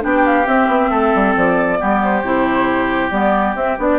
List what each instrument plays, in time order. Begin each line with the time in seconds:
0.00 bassoon B3, clarinet D4, oboe G4, flute G5
0.26 flute F5
0.46 bassoon C4, clarinet C4, flute E5
0.67 bassoon B3
0.90 bassoon A3, oboe A4
1.15 bassoon G3
1.35 bassoon F3, flute D5
1.78 bassoon G3, clarinet B3, oboe G4
2.03 flute C5
2.22 bassoon C3, clarinet E4
3.11 bassoon G3, clarinet B3, flute D5
3.55 bassoon C4, clarinet C4, flute E5
3.78 bassoon B3, clarinet D4, flute D5